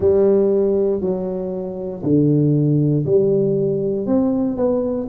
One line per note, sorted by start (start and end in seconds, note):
0.00 1.00 G3
1.00 2.02 F#3
2.03 3.05 D3
3.05 4.06 G3
4.06 4.56 C4
4.56 5.07 B3